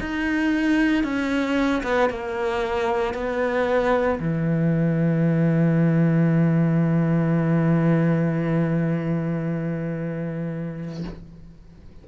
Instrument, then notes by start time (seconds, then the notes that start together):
cello
0.00 D#4
1.03 C#4
1.83 B3
2.10 A#3
3.14 B3
4.20 E3